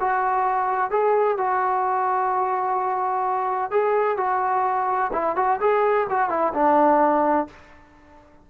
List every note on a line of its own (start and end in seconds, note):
0.00 0.91 F#4
0.91 1.38 G#4
1.38 3.71 F#4
3.71 4.17 G#4
4.17 5.11 F#4
5.13 5.36 E4
5.36 5.60 F#4
5.61 6.07 G#4
6.10 6.30 F#4
6.30 6.53 E4
6.54 7.47 D4